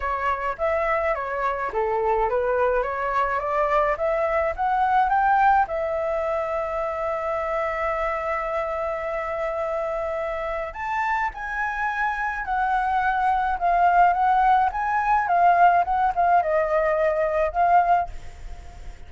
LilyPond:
\new Staff \with { instrumentName = "flute" } { \time 4/4 \tempo 4 = 106 cis''4 e''4 cis''4 a'4 | b'4 cis''4 d''4 e''4 | fis''4 g''4 e''2~ | e''1~ |
e''2. a''4 | gis''2 fis''2 | f''4 fis''4 gis''4 f''4 | fis''8 f''8 dis''2 f''4 | }